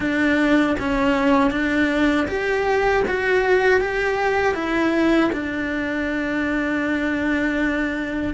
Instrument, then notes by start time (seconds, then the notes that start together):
cello
0.00 D4
0.79 C#4
1.51 D4
2.27 G4
3.07 F#4
3.80 G4
4.54 E4
5.32 D4